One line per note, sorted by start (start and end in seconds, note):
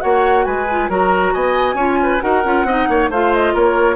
0.00 0.46 A#3
0.00 0.66 F#4
0.00 0.45 C#5
0.00 0.45 F#5
0.45 0.89 G#3
0.45 0.90 B4
0.45 0.89 G#5
0.71 0.90 F4
0.89 1.33 F#3
0.89 1.77 F#4
0.89 1.33 A#4
0.89 1.34 A#5
1.33 1.74 B3
1.33 1.76 D#5
1.33 2.21 G#5
1.74 2.18 C#4
1.74 2.21 F4
1.74 1.98 C#5
2.03 2.23 B4
2.21 2.45 D#4
2.21 2.43 F#4
2.21 2.67 A#4
2.21 3.09 F#5
2.45 2.64 C#4
2.45 2.67 F4
2.64 2.86 C4
2.64 3.13 D#4
2.64 2.89 D#5
2.89 3.10 A#3
2.89 3.10 C#5
3.10 3.54 A3
3.10 3.96 F4
3.10 3.54 C5
3.10 3.34 F5
3.34 3.56 D#5
3.54 3.96 A#3
3.54 3.96 A#4
3.54 3.96 C#5